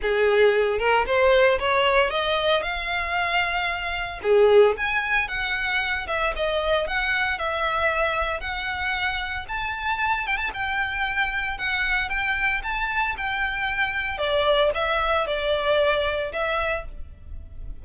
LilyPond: \new Staff \with { instrumentName = "violin" } { \time 4/4 \tempo 4 = 114 gis'4. ais'8 c''4 cis''4 | dis''4 f''2. | gis'4 gis''4 fis''4. e''8 | dis''4 fis''4 e''2 |
fis''2 a''4. g''16 a''16 | g''2 fis''4 g''4 | a''4 g''2 d''4 | e''4 d''2 e''4 | }